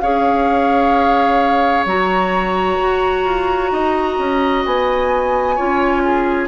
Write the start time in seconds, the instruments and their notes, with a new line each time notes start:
0.00 bassoon C#4, clarinet G#4, oboe C#5, flute F5
1.86 bassoon F#3, clarinet F#4, flute A#5
2.80 bassoon F#4
3.24 bassoon F4
3.72 bassoon D#4, oboe D#5
4.18 bassoon C#4
4.66 bassoon B3, flute G#5
5.56 bassoon C#4, clarinet F4, oboe C#5
6.04 oboe G#4